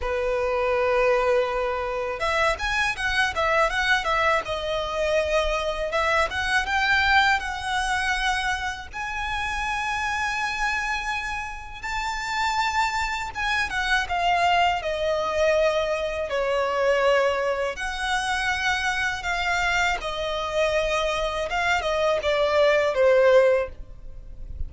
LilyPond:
\new Staff \with { instrumentName = "violin" } { \time 4/4 \tempo 4 = 81 b'2. e''8 gis''8 | fis''8 e''8 fis''8 e''8 dis''2 | e''8 fis''8 g''4 fis''2 | gis''1 |
a''2 gis''8 fis''8 f''4 | dis''2 cis''2 | fis''2 f''4 dis''4~ | dis''4 f''8 dis''8 d''4 c''4 | }